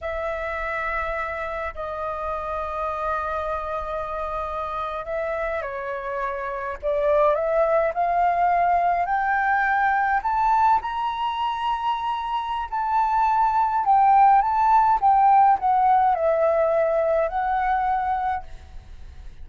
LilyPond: \new Staff \with { instrumentName = "flute" } { \time 4/4 \tempo 4 = 104 e''2. dis''4~ | dis''1~ | dis''8. e''4 cis''2 d''16~ | d''8. e''4 f''2 g''16~ |
g''4.~ g''16 a''4 ais''4~ ais''16~ | ais''2 a''2 | g''4 a''4 g''4 fis''4 | e''2 fis''2 | }